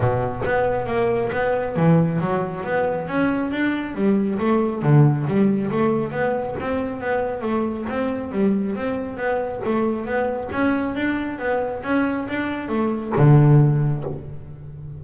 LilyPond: \new Staff \with { instrumentName = "double bass" } { \time 4/4 \tempo 4 = 137 b,4 b4 ais4 b4 | e4 fis4 b4 cis'4 | d'4 g4 a4 d4 | g4 a4 b4 c'4 |
b4 a4 c'4 g4 | c'4 b4 a4 b4 | cis'4 d'4 b4 cis'4 | d'4 a4 d2 | }